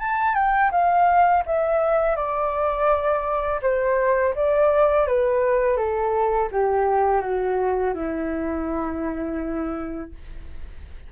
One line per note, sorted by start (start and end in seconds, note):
0.00 0.35 A5
0.35 0.71 G5
0.72 1.44 F5
1.47 2.17 E5
2.17 3.61 D5
3.62 4.35 C5
4.36 5.08 D5
5.08 5.77 B4
5.77 6.50 A4
6.52 7.22 G4
7.22 7.94 F#4
7.95 10.11 E4